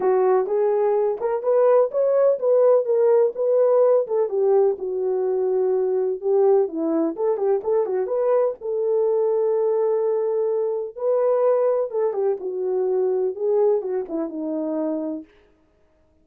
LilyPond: \new Staff \with { instrumentName = "horn" } { \time 4/4 \tempo 4 = 126 fis'4 gis'4. ais'8 b'4 | cis''4 b'4 ais'4 b'4~ | b'8 a'8 g'4 fis'2~ | fis'4 g'4 e'4 a'8 g'8 |
a'8 fis'8 b'4 a'2~ | a'2. b'4~ | b'4 a'8 g'8 fis'2 | gis'4 fis'8 e'8 dis'2 | }